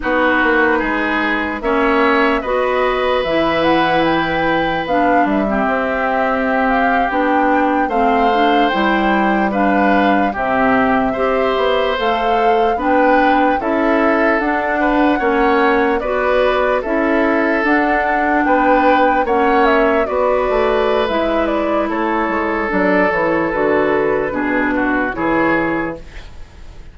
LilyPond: <<
  \new Staff \with { instrumentName = "flute" } { \time 4/4 \tempo 4 = 74 b'2 e''4 dis''4 | e''8 fis''8 g''4 f''8 e''4.~ | e''16 f''8 g''4 f''4 g''4 f''16~ | f''8. e''2 f''4 g''16~ |
g''8. e''4 fis''2 d''16~ | d''8. e''4 fis''4 g''4 fis''16~ | fis''16 e''8 d''4~ d''16 e''8 d''8 cis''4 | d''8 cis''8 b'2 cis''4 | }
  \new Staff \with { instrumentName = "oboe" } { \time 4/4 fis'4 gis'4 cis''4 b'4~ | b'2~ b'8. g'4~ g'16~ | g'4.~ g'16 c''2 b'16~ | b'8. g'4 c''2 b'16~ |
b'8. a'4. b'8 cis''4 b'16~ | b'8. a'2 b'4 cis''16~ | cis''8. b'2~ b'16 a'4~ | a'2 gis'8 fis'8 gis'4 | }
  \new Staff \with { instrumentName = "clarinet" } { \time 4/4 dis'2 cis'4 fis'4 | e'2 d'8. c'4~ c'16~ | c'8. d'4 c'8 d'8 e'4 d'16~ | d'8. c'4 g'4 a'4 d'16~ |
d'8. e'4 d'4 cis'4 fis'16~ | fis'8. e'4 d'2 cis'16~ | cis'8. fis'4~ fis'16 e'2 | d'8 e'8 fis'4 d'4 e'4 | }
  \new Staff \with { instrumentName = "bassoon" } { \time 4/4 b8 ais8 gis4 ais4 b4 | e2 b8 g8 c'4~ | c'8. b4 a4 g4~ g16~ | g8. c4 c'8 b8 a4 b16~ |
b8. cis'4 d'4 ais4 b16~ | b8. cis'4 d'4 b4 ais16~ | ais8. b8 a8. gis4 a8 gis8 | fis8 e8 d4 b,4 e4 | }
>>